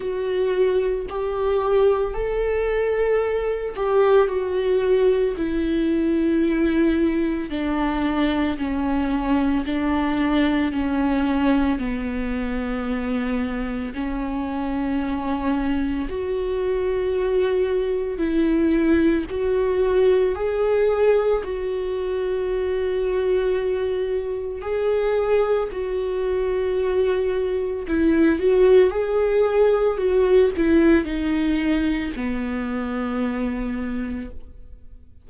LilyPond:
\new Staff \with { instrumentName = "viola" } { \time 4/4 \tempo 4 = 56 fis'4 g'4 a'4. g'8 | fis'4 e'2 d'4 | cis'4 d'4 cis'4 b4~ | b4 cis'2 fis'4~ |
fis'4 e'4 fis'4 gis'4 | fis'2. gis'4 | fis'2 e'8 fis'8 gis'4 | fis'8 e'8 dis'4 b2 | }